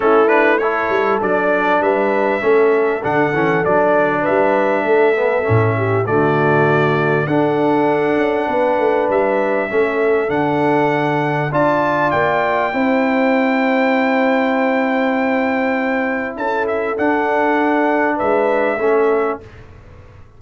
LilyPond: <<
  \new Staff \with { instrumentName = "trumpet" } { \time 4/4 \tempo 4 = 99 a'8 b'8 cis''4 d''4 e''4~ | e''4 fis''4 d''4 e''4~ | e''2 d''2 | fis''2. e''4~ |
e''4 fis''2 a''4 | g''1~ | g''2. a''8 e''8 | fis''2 e''2 | }
  \new Staff \with { instrumentName = "horn" } { \time 4/4 e'4 a'2 b'4 | a'2. b'4 | a'4. g'8 fis'2 | a'2 b'2 |
a'2. d''4~ | d''4 c''2.~ | c''2. a'4~ | a'2 b'4 a'4 | }
  \new Staff \with { instrumentName = "trombone" } { \time 4/4 cis'8 d'8 e'4 d'2 | cis'4 d'8 cis'8 d'2~ | d'8 b8 cis'4 a2 | d'1 |
cis'4 d'2 f'4~ | f'4 e'2.~ | e'1 | d'2. cis'4 | }
  \new Staff \with { instrumentName = "tuba" } { \time 4/4 a4. g8 fis4 g4 | a4 d8 e8 fis4 g4 | a4 a,4 d2 | d'4. cis'8 b8 a8 g4 |
a4 d2 d'4 | ais4 c'2.~ | c'2. cis'4 | d'2 gis4 a4 | }
>>